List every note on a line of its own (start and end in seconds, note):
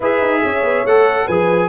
0.00 0.21 E4
0.00 0.87 G#4
0.00 0.41 B4
0.00 0.86 E5
0.21 0.42 D#4
0.44 0.62 C#4
0.44 1.25 C#5
0.62 0.84 B3
0.85 1.27 A3
0.85 1.30 A4
0.85 1.27 F#5
1.25 1.69 F3
1.25 1.69 G#4
1.25 1.68 B4
1.25 1.69 G#5